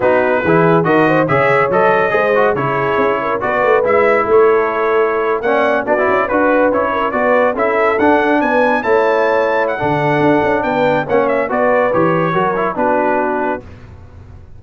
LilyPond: <<
  \new Staff \with { instrumentName = "trumpet" } { \time 4/4 \tempo 4 = 141 b'2 dis''4 e''4 | dis''2 cis''2 | d''4 e''4 cis''2~ | cis''8. fis''4 d''4 b'4 cis''16~ |
cis''8. d''4 e''4 fis''4 gis''16~ | gis''8. a''2 fis''4~ fis''16~ | fis''4 g''4 fis''8 e''8 d''4 | cis''2 b'2 | }
  \new Staff \with { instrumentName = "horn" } { \time 4/4 fis'4 gis'4 ais'8 c''8 cis''4~ | cis''4 c''4 gis'4. ais'8 | b'2 a'2~ | a'8. d''4 fis'4 b'4~ b'16~ |
b'16 ais'8 b'4 a'2 b'16~ | b'8. cis''2~ cis''16 a'4~ | a'4 b'4 cis''4 b'4~ | b'4 ais'4 fis'2 | }
  \new Staff \with { instrumentName = "trombone" } { \time 4/4 dis'4 e'4 fis'4 gis'4 | a'4 gis'8 fis'8 e'2 | fis'4 e'2.~ | e'8. cis'4 d'16 e'8. fis'4 e'16~ |
e'8. fis'4 e'4 d'4~ d'16~ | d'8. e'2~ e'16 d'4~ | d'2 cis'4 fis'4 | g'4 fis'8 e'8 d'2 | }
  \new Staff \with { instrumentName = "tuba" } { \time 4/4 b4 e4 dis4 cis4 | fis4 gis4 cis4 cis'4 | b8 a8 gis4 a2~ | a8. ais4 b8 cis'8 d'4 cis'16~ |
cis'8. b4 cis'4 d'4 b16~ | b8. a2~ a16 d4 | d'8 cis'8 b4 ais4 b4 | e4 fis4 b2 | }
>>